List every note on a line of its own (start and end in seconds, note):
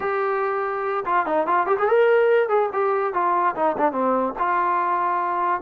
0.00 1.04 G4
1.05 1.26 F4
1.26 1.47 D#4
1.47 1.66 F4
1.66 1.76 G4
1.78 1.88 G#4
1.88 2.48 A#4
2.48 2.69 G#4
2.73 3.13 G4
3.13 3.55 F4
3.55 3.76 D#4
3.77 3.92 D4
3.92 4.33 C4
4.38 5.61 F4